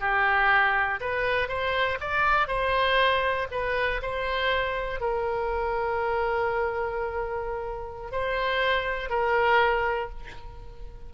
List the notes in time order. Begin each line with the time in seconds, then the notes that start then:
0.00 G4
1.00 B4
1.48 C5
2.00 D5
2.48 C5
3.51 B4
4.02 C5
5.00 A#4
8.11 C5
9.09 A#4